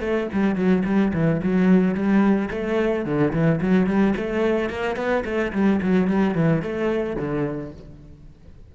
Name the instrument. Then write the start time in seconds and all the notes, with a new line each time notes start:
cello
0.00 A3
0.33 G3
0.55 F#3
0.85 G3
1.13 E3
1.43 F#3
1.94 G3
2.51 A3
3.05 D3
3.33 E3
3.61 F#3
3.87 G3
4.17 A3
4.70 A#3
4.96 B3
5.25 A3
5.53 G3
5.82 F#3
6.08 G3
6.35 E3
6.62 A3
7.16 D3